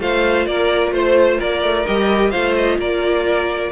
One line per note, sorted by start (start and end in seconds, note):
0.00 0.47 A3
0.00 1.86 F4
0.00 0.47 C5
0.00 0.46 F5
0.46 0.91 A#3
0.46 0.93 A#4
0.46 0.93 D5
0.91 1.38 A3
0.91 1.38 C5
0.91 1.40 C5
1.38 1.62 A#3
1.38 2.31 A#4
1.38 1.86 D5
1.62 1.85 A3
1.86 2.34 G3
1.86 2.32 G4
1.86 2.31 D#5
2.31 2.78 A3
2.31 3.71 F4
2.31 2.77 C5
2.31 2.54 F5
2.55 2.79 D#5
2.78 3.71 A#3
2.78 3.72 A#4
2.78 3.72 D5